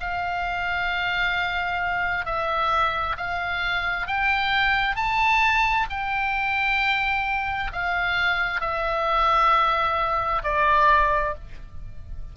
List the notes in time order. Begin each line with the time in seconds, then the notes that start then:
0.00 F5
2.25 E5
3.17 F5
4.07 G5
4.95 A5
5.89 G5
7.73 F5
8.60 E5
10.43 D5